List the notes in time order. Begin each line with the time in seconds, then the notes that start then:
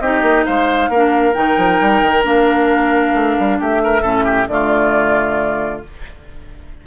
0.00 C4 D#4 G4 D#5
0.22 A#3
0.45 G#3 C5 F5
0.89 A#3 A#4
0.95 D4
1.33 D#3 D#4 G5
1.57 F3
1.81 G3
2.02 D#3
2.22 A#3 D4 F5
3.15 A3
3.39 G3
3.59 A3 G4 E5
3.84 A#4
4.02 A2 C#4 A4
4.25 G4
4.48 D3 A3 F4 D5